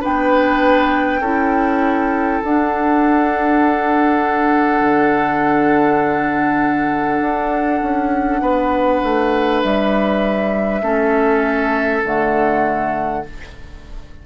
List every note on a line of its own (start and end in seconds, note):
0.00 1.19 B3
0.00 1.21 D4
0.00 1.20 B4
0.00 2.43 G5
1.19 2.39 C#4
1.19 2.43 E4
1.19 8.41 A4
2.43 4.80 D4
2.43 10.83 D4
2.43 9.62 F#5
4.80 7.20 D3
7.20 7.80 D4
7.81 8.41 C#4
8.41 9.01 B3
8.41 10.81 B4
9.03 9.62 A3
9.62 10.81 G3
9.62 12.02 E5
10.81 12.02 A3
10.81 12.03 C#4
10.81 13.22 A4
12.04 13.24 D3
12.04 13.24 A3
12.04 13.25 F#5